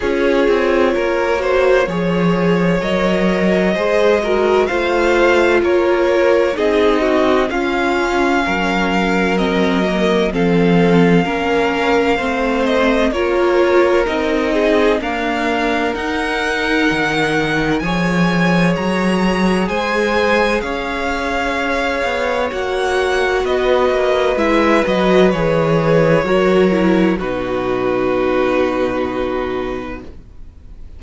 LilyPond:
<<
  \new Staff \with { instrumentName = "violin" } { \time 4/4 \tempo 4 = 64 cis''2. dis''4~ | dis''4 f''4 cis''4 dis''4 | f''2 dis''4 f''4~ | f''4. dis''8 cis''4 dis''4 |
f''4 fis''2 gis''4 | ais''4 gis''4 f''2 | fis''4 dis''4 e''8 dis''8 cis''4~ | cis''4 b'2. | }
  \new Staff \with { instrumentName = "violin" } { \time 4/4 gis'4 ais'8 c''8 cis''2 | c''8 ais'8 c''4 ais'4 gis'8 fis'8 | f'4 ais'2 a'4 | ais'4 c''4 ais'4. gis'8 |
ais'2. cis''4~ | cis''4 c''4 cis''2~ | cis''4 b'2. | ais'4 fis'2. | }
  \new Staff \with { instrumentName = "viola" } { \time 4/4 f'4. fis'8 gis'4 ais'4 | gis'8 fis'8 f'2 dis'4 | cis'2 c'8 ais8 c'4 | cis'4 c'4 f'4 dis'4 |
ais4 dis'2 gis'4~ | gis'1 | fis'2 e'8 fis'8 gis'4 | fis'8 e'8 dis'2. | }
  \new Staff \with { instrumentName = "cello" } { \time 4/4 cis'8 c'8 ais4 f4 fis4 | gis4 a4 ais4 c'4 | cis'4 fis2 f4 | ais4 a4 ais4 c'4 |
d'4 dis'4 dis4 f4 | fis4 gis4 cis'4. b8 | ais4 b8 ais8 gis8 fis8 e4 | fis4 b,2. | }
>>